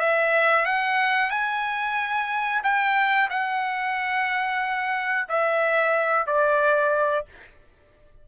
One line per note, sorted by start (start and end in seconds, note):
0.00 0.66 E5
0.66 1.30 F#5
1.30 2.62 G#5
2.63 3.29 G5
3.30 5.28 F#5
5.28 6.26 E5
6.26 7.25 D5